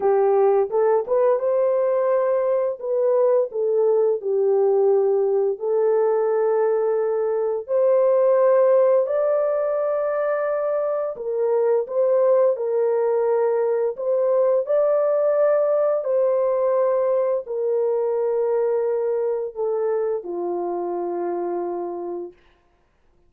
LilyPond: \new Staff \with { instrumentName = "horn" } { \time 4/4 \tempo 4 = 86 g'4 a'8 b'8 c''2 | b'4 a'4 g'2 | a'2. c''4~ | c''4 d''2. |
ais'4 c''4 ais'2 | c''4 d''2 c''4~ | c''4 ais'2. | a'4 f'2. | }